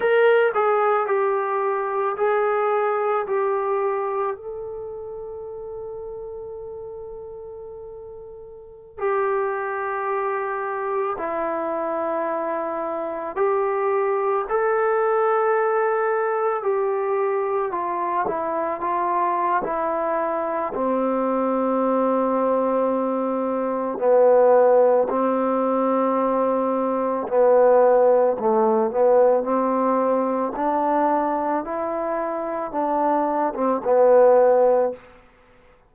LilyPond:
\new Staff \with { instrumentName = "trombone" } { \time 4/4 \tempo 4 = 55 ais'8 gis'8 g'4 gis'4 g'4 | a'1~ | a'16 g'2 e'4.~ e'16~ | e'16 g'4 a'2 g'8.~ |
g'16 f'8 e'8 f'8. e'4 c'4~ | c'2 b4 c'4~ | c'4 b4 a8 b8 c'4 | d'4 e'4 d'8. c'16 b4 | }